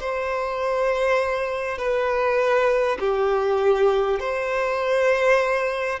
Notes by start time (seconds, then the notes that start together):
0.00 C5
1.78 B4
2.99 G4
4.19 C5